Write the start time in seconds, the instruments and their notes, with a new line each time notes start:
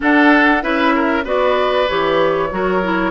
0.00 clarinet D4, bassoon D4, oboe A4, flute F#5
0.61 bassoon C#4, clarinet E4, oboe B4, flute E5
0.95 oboe A#4
1.24 bassoon B3, clarinet F#4, oboe B4, flute D5
1.88 bassoon E3, clarinet G4, flute C#5
2.50 bassoon F#3, clarinet F#4, oboe A#4
2.83 clarinet E4